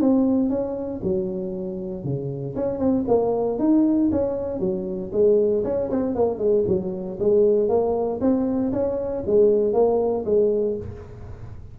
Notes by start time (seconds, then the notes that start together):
0.00 C4
0.49 C#4
1.03 F#3
2.04 C#3
2.55 C#4
2.79 C4
3.07 A#3
3.59 D#4
4.11 C#4
4.59 F#3
5.12 G#3
5.64 C#4
5.90 C4
6.15 A#3
6.38 G#3
6.67 F#3
7.19 G#3
7.68 A#3
8.21 C4
8.72 C#4
9.26 G#3
9.73 A#3
10.25 G#3